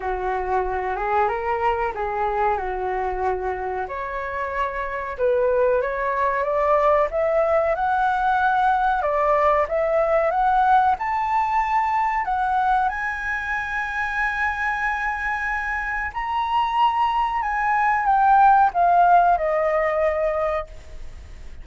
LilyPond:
\new Staff \with { instrumentName = "flute" } { \time 4/4 \tempo 4 = 93 fis'4. gis'8 ais'4 gis'4 | fis'2 cis''2 | b'4 cis''4 d''4 e''4 | fis''2 d''4 e''4 |
fis''4 a''2 fis''4 | gis''1~ | gis''4 ais''2 gis''4 | g''4 f''4 dis''2 | }